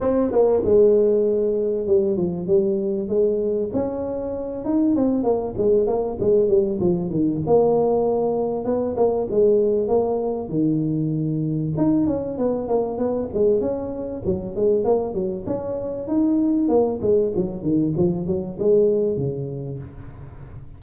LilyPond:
\new Staff \with { instrumentName = "tuba" } { \time 4/4 \tempo 4 = 97 c'8 ais8 gis2 g8 f8 | g4 gis4 cis'4. dis'8 | c'8 ais8 gis8 ais8 gis8 g8 f8 dis8 | ais2 b8 ais8 gis4 |
ais4 dis2 dis'8 cis'8 | b8 ais8 b8 gis8 cis'4 fis8 gis8 | ais8 fis8 cis'4 dis'4 ais8 gis8 | fis8 dis8 f8 fis8 gis4 cis4 | }